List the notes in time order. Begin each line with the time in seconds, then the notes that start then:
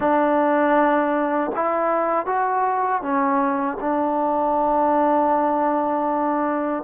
0.00 D4
1.55 E4
2.25 F#4
3.01 C#4
3.80 D4